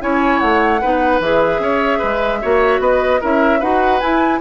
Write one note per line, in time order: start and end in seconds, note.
0.00 0.41 C#4
0.00 0.80 E4
0.00 0.81 C#5
0.00 0.39 G#5
0.39 0.82 A3
0.39 1.19 F#5
0.81 1.20 B3
0.81 1.22 D#4
0.81 1.61 B4
1.20 1.59 E3
1.20 2.42 G#4
1.20 2.81 E5
1.59 1.99 C#4
1.59 1.98 C#5
1.98 2.43 G#3
1.98 2.38 B4
2.42 2.79 A#3
2.42 3.20 F#4
2.42 2.81 C#5
2.79 3.19 B3
2.79 3.20 B4
2.79 3.21 D#5
3.20 3.62 C#4
3.20 3.60 E4
3.20 3.59 A#4
3.20 3.61 E5
3.59 4.02 D#4
3.59 4.01 F#4
3.59 4.39 B4
3.59 4.00 F#5
4.00 4.41 E4
4.00 4.40 G#5